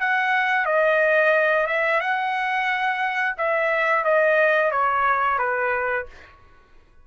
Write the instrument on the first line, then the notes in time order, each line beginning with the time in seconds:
trumpet
0.00 F#5
0.66 D#5
1.67 E5
2.00 F#5
3.38 E5
4.04 D#5
4.71 C#5
5.39 B4